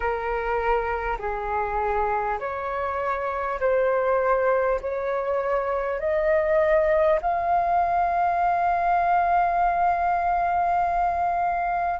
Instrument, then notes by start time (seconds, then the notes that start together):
flute
0.00 A#4
1.18 G#4
2.39 C#5
3.60 C5
4.81 C#5
5.99 D#5
7.21 F5